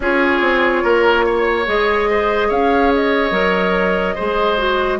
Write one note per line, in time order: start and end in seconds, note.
0.00 0.40 C#4
0.00 1.66 F4
0.00 0.83 G#4
0.00 1.68 C#5
0.40 0.82 C4
0.83 1.66 A#3
0.83 1.25 A#4
1.26 2.09 C#5
1.66 2.50 G#3
1.66 3.31 G#4
1.66 2.51 D#5
2.10 2.48 C5
2.48 3.31 C#4
2.48 4.14 C#5
2.48 2.92 F5
2.94 5.00 D#5
3.31 4.14 F#3
3.31 4.14 A#4
4.15 5.00 G#3
4.15 4.57 G#4
4.15 4.98 C5
4.57 4.98 F#4